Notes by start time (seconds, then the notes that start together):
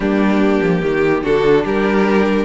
0.00 G3 A#3 D4 G4
0.61 F3
0.82 D#3 G4
1.23 D3 D4 F#4 A4
1.64 G3 G4 A#4